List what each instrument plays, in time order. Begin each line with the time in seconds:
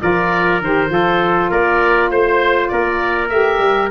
0.00 tuba F3, saxophone F4, trumpet A#4, oboe D5
0.60 tuba D#3, saxophone G4, oboe C5
0.87 tuba F3, saxophone F4, trumpet A4
1.50 tuba A#3, trumpet A#4, oboe D5
2.10 tuba A3, oboe C5, trumpet C5
2.68 tuba A#3, trumpet A#4, oboe D5
3.29 tuba A3, saxophone G4, oboe E5
3.59 tuba G3